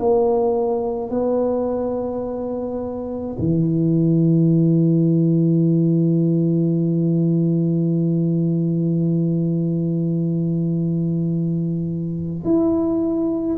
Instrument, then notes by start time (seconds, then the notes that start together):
tuba
0.00 A#3
1.11 B3
3.39 E3
12.45 E4